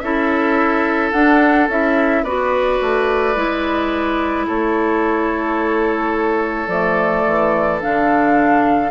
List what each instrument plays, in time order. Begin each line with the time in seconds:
0.00 bassoon C#4, clarinet E4, oboe A4, flute E5
1.12 bassoon D4, clarinet D4, flute F#5
1.69 bassoon C#4, clarinet E4, flute E5
2.23 bassoon B3, clarinet F#4, oboe B4, flute D5
2.82 bassoon A3
3.36 bassoon G#3, clarinet E4
4.47 bassoon A3, oboe A4, flute C#5
6.68 bassoon F3, clarinet A3, flute D5
7.27 bassoon E3
7.81 bassoon D3, clarinet D4, flute F5